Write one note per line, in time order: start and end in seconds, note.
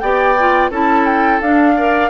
0.00 0.70 B3
0.00 0.38 G4
0.00 0.71 D5
0.00 0.70 G5
0.39 0.72 F4
0.70 1.40 C#4
0.70 1.42 E4
0.70 1.75 A4
0.70 1.06 A5
1.06 1.40 G5
1.41 2.10 D4
1.41 1.77 D4
1.41 2.10 F5
1.76 2.10 A#4
1.76 2.10 D5